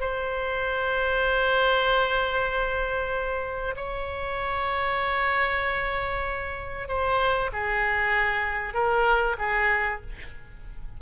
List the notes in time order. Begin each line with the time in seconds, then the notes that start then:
0.00 C5
3.76 C#5
6.88 C5
7.53 G#4
8.74 A#4
9.38 G#4